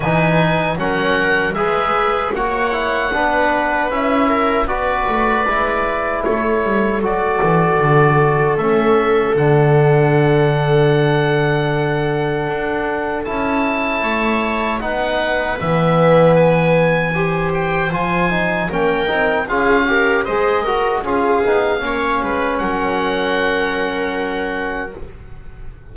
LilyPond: <<
  \new Staff \with { instrumentName = "oboe" } { \time 4/4 \tempo 4 = 77 gis''4 fis''4 e''4 fis''4~ | fis''4 e''4 d''2 | cis''4 d''2 e''4 | fis''1~ |
fis''4 a''2 fis''4 | e''4 gis''4. g''8 gis''4 | g''4 f''4 dis''4 f''4~ | f''4 fis''2. | }
  \new Staff \with { instrumentName = "viola" } { \time 4/4 b'4 ais'4 b'4 cis''4 | b'4. ais'8 b'2 | a'1~ | a'1~ |
a'2 cis''4 b'4~ | b'2 c''2 | ais'4 gis'8 ais'8 c''8 ais'8 gis'4 | cis''8 b'8 ais'2. | }
  \new Staff \with { instrumentName = "trombone" } { \time 4/4 dis'4 cis'4 gis'4 fis'8 e'8 | d'4 e'4 fis'4 e'4~ | e'4 fis'2 cis'4 | d'1~ |
d'4 e'2 dis'4 | b2 g'4 f'8 dis'8 | cis'8 dis'8 f'8 g'8 gis'8 fis'8 f'8 dis'8 | cis'1 | }
  \new Staff \with { instrumentName = "double bass" } { \time 4/4 e4 fis4 gis4 ais4 | b4 cis'4 b8 a8 gis4 | a8 g8 fis8 e8 d4 a4 | d1 |
d'4 cis'4 a4 b4 | e2. f4 | ais8 c'8 cis'4 gis4 cis'8 b8 | ais8 gis8 fis2. | }
>>